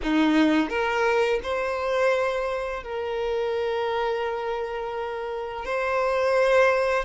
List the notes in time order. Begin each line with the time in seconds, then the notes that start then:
0.02 D#4
0.69 A#4
1.42 C5
2.83 A#4
5.65 C5